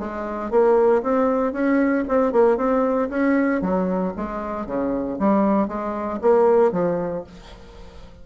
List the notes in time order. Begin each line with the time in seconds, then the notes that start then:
0.00 G#3
0.51 A#3
1.03 C4
1.53 C#4
2.09 C4
2.33 A#3
2.58 C4
3.10 C#4
3.62 F#3
4.17 G#3
4.67 C#3
5.20 G3
5.68 G#3
6.22 A#3
6.72 F3